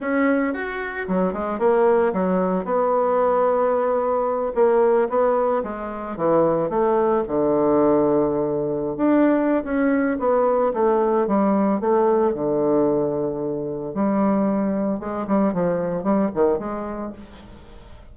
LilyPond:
\new Staff \with { instrumentName = "bassoon" } { \time 4/4 \tempo 4 = 112 cis'4 fis'4 fis8 gis8 ais4 | fis4 b2.~ | b8 ais4 b4 gis4 e8~ | e8 a4 d2~ d8~ |
d8. d'4~ d'16 cis'4 b4 | a4 g4 a4 d4~ | d2 g2 | gis8 g8 f4 g8 dis8 gis4 | }